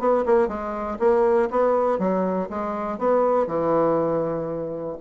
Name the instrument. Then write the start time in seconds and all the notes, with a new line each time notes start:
bassoon
0.00 B3
0.26 A#3
0.48 G#3
0.99 A#3
1.51 B3
1.99 F#3
2.50 G#3
2.99 B3
3.47 E3